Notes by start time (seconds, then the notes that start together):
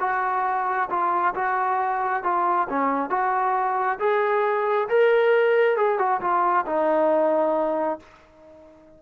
0.00 F#4
0.90 F4
1.34 F#4
2.23 F4
2.69 C#4
3.10 F#4
3.99 G#4
4.88 A#4
5.76 G#4
5.98 F#4
6.21 F4
6.66 D#4